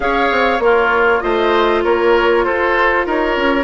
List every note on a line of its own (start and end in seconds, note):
0.00 0.30 C#4
0.00 0.59 G#4
0.00 0.63 C#5
0.00 0.60 F5
0.31 0.59 C4
0.59 1.20 A#3
0.59 1.23 F4
0.59 1.20 A#4
0.59 1.21 C#5
1.20 1.84 A3
1.20 3.64 F4
1.20 1.83 C5
1.20 1.82 D#5
1.83 2.45 A#3
1.83 2.44 A#4
1.83 2.44 C#5
2.44 3.06 F4
2.44 3.05 A4
2.44 3.05 C5
3.06 3.36 D#4
3.06 3.64 A#4
3.06 3.64 C#5
3.36 3.64 C#4